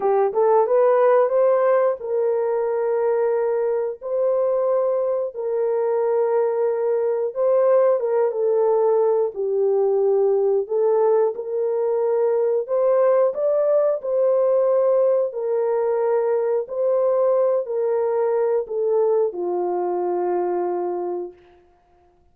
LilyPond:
\new Staff \with { instrumentName = "horn" } { \time 4/4 \tempo 4 = 90 g'8 a'8 b'4 c''4 ais'4~ | ais'2 c''2 | ais'2. c''4 | ais'8 a'4. g'2 |
a'4 ais'2 c''4 | d''4 c''2 ais'4~ | ais'4 c''4. ais'4. | a'4 f'2. | }